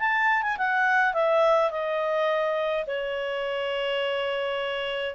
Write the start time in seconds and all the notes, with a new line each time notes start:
0.00 A5
0.43 G#5
0.58 F#5
1.14 E5
1.71 D#5
2.87 C#5